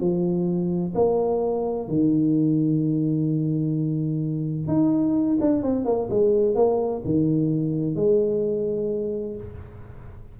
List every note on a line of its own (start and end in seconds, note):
0.00 0.94 F3
0.95 1.88 A#3
1.88 4.68 D#3
4.68 5.38 D#4
5.41 5.63 D4
5.63 5.85 C4
5.85 6.09 A#3
6.10 6.56 G#3
6.56 7.02 A#3
7.05 7.96 D#3
7.96 9.36 G#3